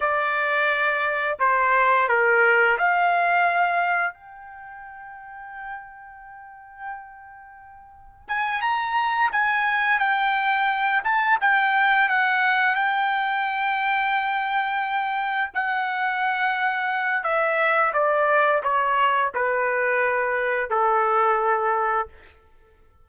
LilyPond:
\new Staff \with { instrumentName = "trumpet" } { \time 4/4 \tempo 4 = 87 d''2 c''4 ais'4 | f''2 g''2~ | g''1 | gis''8 ais''4 gis''4 g''4. |
a''8 g''4 fis''4 g''4.~ | g''2~ g''8 fis''4.~ | fis''4 e''4 d''4 cis''4 | b'2 a'2 | }